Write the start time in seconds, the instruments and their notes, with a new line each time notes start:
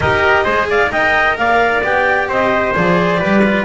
0.00 double bass D#4, cello G4, trumpet A#4, clarinet D#5
0.44 double bass G#3, cello G#4, trumpet C5
0.69 trumpet D5, clarinet F5
0.89 double bass D#4, cello A#4, trumpet D#5, clarinet G5
1.37 double bass A#3, trumpet D5, clarinet F5
1.83 double bass B3, cello G4, clarinet G5
2.28 double bass C4, trumpet C5, clarinet D#5
2.74 double bass F3, cello G#4, clarinet D5
3.17 double bass G3, cello G4, trumpet B4
3.44 cello F4